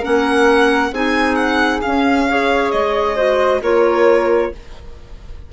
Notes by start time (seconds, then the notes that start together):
0.00 A#3 C#4 A#4 F#5
0.92 C4 D#4 G#4 G#5
1.35 F#5
1.82 C#4 F5
2.29 G#4 C#5
2.71 G#3 D#5
3.16 F#4 C5
3.62 A#3 F4 A#4 C#5